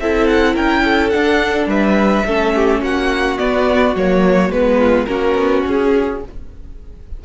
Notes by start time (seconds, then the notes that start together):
0.00 C4 E4 A4 E5
0.27 F#5
0.54 C#4 A#4 G5
0.85 A4
1.10 D4 F#5
1.16 D4
1.67 G3 B4 E5
2.25 A3 C#4 A4
2.55 G4
2.82 A#3 F#4 F#5
3.38 B3 D5
3.95 F#3 A#3 C#5
4.50 G#3 B3 B4
4.78 F4
5.06 A#3 C#4 F#4 A#4
5.35 B3
5.66 C#4 G#4